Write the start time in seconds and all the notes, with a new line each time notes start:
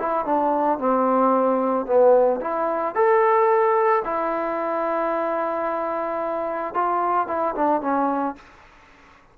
0.00 E4
0.26 D4
0.79 C4
1.86 B3
2.42 E4
2.95 A4
4.05 E4
6.75 F4
7.28 E4
7.55 D4
7.82 C#4